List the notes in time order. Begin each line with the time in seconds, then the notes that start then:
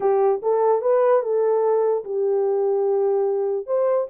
0.00 G4
0.42 A4
0.81 B4
1.22 A4
2.04 G4
3.66 C5